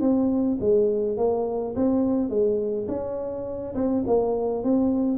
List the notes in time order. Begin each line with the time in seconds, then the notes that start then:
0.00 C4
0.60 G#3
1.17 A#3
1.75 C4
2.29 G#3
2.88 C#4
3.74 C4
4.06 A#3
4.63 C4